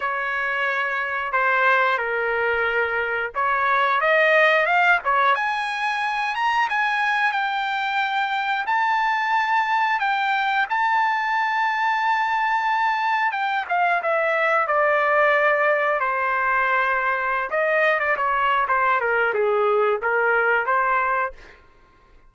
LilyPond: \new Staff \with { instrumentName = "trumpet" } { \time 4/4 \tempo 4 = 90 cis''2 c''4 ais'4~ | ais'4 cis''4 dis''4 f''8 cis''8 | gis''4. ais''8 gis''4 g''4~ | g''4 a''2 g''4 |
a''1 | g''8 f''8 e''4 d''2 | c''2~ c''16 dis''8. d''16 cis''8. | c''8 ais'8 gis'4 ais'4 c''4 | }